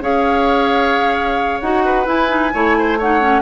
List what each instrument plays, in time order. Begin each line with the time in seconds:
0.00 bassoon C#4, clarinet G#4, oboe C#5, flute F5
1.60 bassoon D#4, clarinet F#4, flute F#5
1.85 oboe B4
2.06 clarinet E4, bassoon E4, flute G#5
2.28 clarinet D#4
2.54 bassoon A3, clarinet E4, oboe C#5
2.79 oboe C5
2.98 clarinet D#4, oboe C#5, flute F#5
3.20 clarinet C#4